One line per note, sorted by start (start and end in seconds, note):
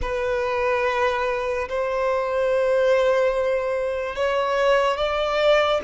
0.02 1.68 B4
1.69 4.15 C5
4.15 4.97 C#5
4.97 5.80 D5